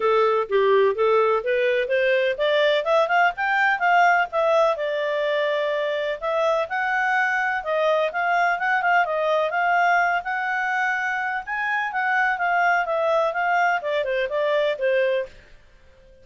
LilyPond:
\new Staff \with { instrumentName = "clarinet" } { \time 4/4 \tempo 4 = 126 a'4 g'4 a'4 b'4 | c''4 d''4 e''8 f''8 g''4 | f''4 e''4 d''2~ | d''4 e''4 fis''2 |
dis''4 f''4 fis''8 f''8 dis''4 | f''4. fis''2~ fis''8 | gis''4 fis''4 f''4 e''4 | f''4 d''8 c''8 d''4 c''4 | }